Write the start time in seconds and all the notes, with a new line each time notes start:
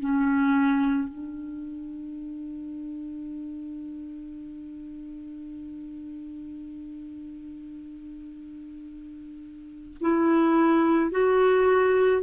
0.00 C#4
1.09 D4
10.01 E4
11.12 F#4